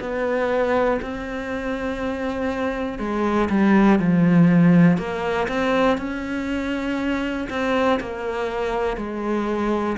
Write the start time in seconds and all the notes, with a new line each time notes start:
0.00 B3
1.01 C4
2.99 G#3
3.50 G3
3.99 F3
4.97 A#3
5.48 C4
5.97 C#4
7.50 C4
8.00 A#3
8.96 G#3